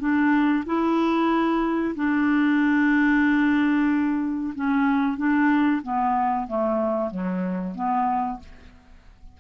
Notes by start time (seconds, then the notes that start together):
0.00 D4
0.66 E4
1.96 D4
4.55 C#4
5.18 D4
5.83 B3
6.48 A3
7.11 F#3
7.75 B3